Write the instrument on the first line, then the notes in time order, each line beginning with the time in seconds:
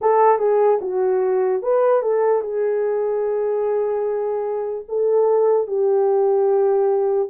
horn
0.01 A4
0.38 G#4
0.81 F#4
1.62 B4
2.02 A4
2.41 G#4
4.88 A4
5.67 G4